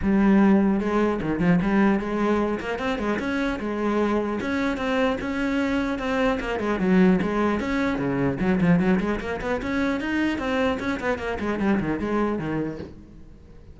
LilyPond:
\new Staff \with { instrumentName = "cello" } { \time 4/4 \tempo 4 = 150 g2 gis4 dis8 f8 | g4 gis4. ais8 c'8 gis8 | cis'4 gis2 cis'4 | c'4 cis'2 c'4 |
ais8 gis8 fis4 gis4 cis'4 | cis4 fis8 f8 fis8 gis8 ais8 b8 | cis'4 dis'4 c'4 cis'8 b8 | ais8 gis8 g8 dis8 gis4 dis4 | }